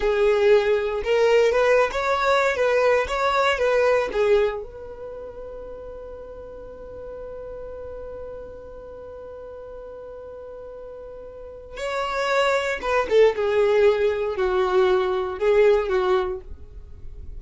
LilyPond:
\new Staff \with { instrumentName = "violin" } { \time 4/4 \tempo 4 = 117 gis'2 ais'4 b'8. cis''16~ | cis''4 b'4 cis''4 b'4 | gis'4 b'2.~ | b'1~ |
b'1~ | b'2. cis''4~ | cis''4 b'8 a'8 gis'2 | fis'2 gis'4 fis'4 | }